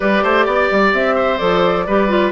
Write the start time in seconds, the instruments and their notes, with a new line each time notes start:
0.00 bassoon G3, clarinet G4, oboe B4, flute D5
0.23 bassoon A3, oboe C5
0.45 bassoon B3, oboe D5
0.71 bassoon G3
0.93 bassoon C4, flute E5
1.15 oboe C5
1.37 bassoon F3, clarinet A4, flute D5
1.86 bassoon G3, clarinet G4, oboe B4
2.08 clarinet F4